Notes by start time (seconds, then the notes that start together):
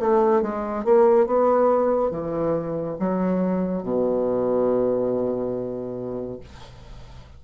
0.00 A3
0.42 G#3
0.85 A#3
1.27 B3
2.11 E3
3.00 F#3
3.83 B2